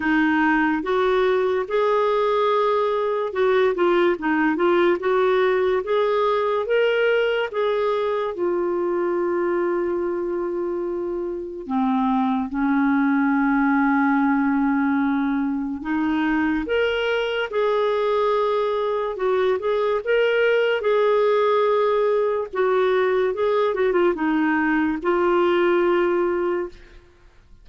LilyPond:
\new Staff \with { instrumentName = "clarinet" } { \time 4/4 \tempo 4 = 72 dis'4 fis'4 gis'2 | fis'8 f'8 dis'8 f'8 fis'4 gis'4 | ais'4 gis'4 f'2~ | f'2 c'4 cis'4~ |
cis'2. dis'4 | ais'4 gis'2 fis'8 gis'8 | ais'4 gis'2 fis'4 | gis'8 fis'16 f'16 dis'4 f'2 | }